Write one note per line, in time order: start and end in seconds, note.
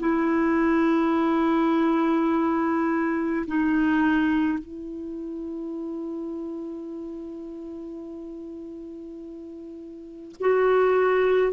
0.00 3.46 E4
3.48 4.59 D#4
4.59 10.36 E4
10.41 11.53 F#4